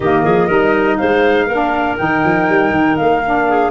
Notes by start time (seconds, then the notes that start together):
0.00 D#3 A#3 G4 D#5
0.23 F3 G#4
0.47 G3 D#4 A#4
0.97 G#3 C5 F5
1.46 A#3 A#4
1.52 D4
1.97 D#3 D#4 G5
2.24 F3
2.49 G3
2.70 D#3
2.96 A#3 F5
3.25 D4
3.48 G#4